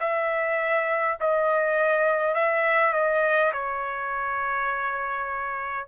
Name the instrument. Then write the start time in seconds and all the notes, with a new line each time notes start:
trumpet
0.00 E5
1.21 D#5
2.35 E5
2.94 D#5
3.53 C#5